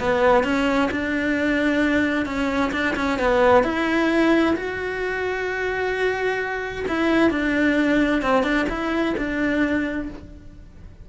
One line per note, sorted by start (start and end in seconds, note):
0.00 0.44 B3
0.44 0.90 C#4
0.92 2.26 D4
2.26 2.72 C#4
2.73 2.96 D4
2.96 3.19 C#4
3.20 3.64 B3
3.64 4.56 E4
4.57 6.86 F#4
6.88 7.31 E4
7.31 8.22 D4
8.23 8.44 C4
8.44 8.66 D4
8.70 9.15 E4
9.18 10.10 D4